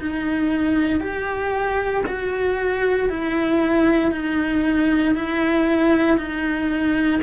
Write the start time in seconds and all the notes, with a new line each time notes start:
0.00 D#4
1.01 G4
2.06 F#4
3.09 E4
4.12 D#4
5.15 E4
6.17 D#4